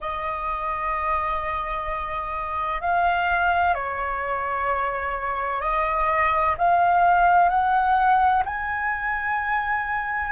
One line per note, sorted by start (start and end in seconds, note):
0.00 2.81 D#5
2.81 3.74 F5
3.74 5.61 C#5
5.61 6.55 D#5
6.58 7.49 F5
7.49 8.42 F#5
8.45 10.31 G#5